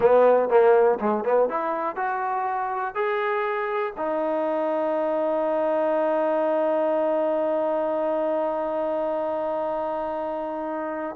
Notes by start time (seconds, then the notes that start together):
0.00 B3
0.49 A#3
1.00 G#3
1.24 B3
1.49 E4
1.95 F#4
2.94 G#4
3.97 D#4